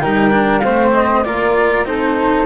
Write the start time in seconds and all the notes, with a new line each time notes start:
0.00 G3 D#4 A#4 G5
0.31 D4
0.59 A3 C4 C5 F5
0.93 D#5
1.24 A#3 F4 A#4 D5
1.84 C4 D#4 A4 C5